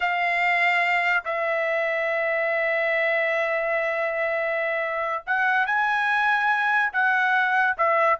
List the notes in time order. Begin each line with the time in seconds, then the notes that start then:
0.00 F5
1.25 E5
5.26 F#5
5.66 G#5
6.92 F#5
7.77 E5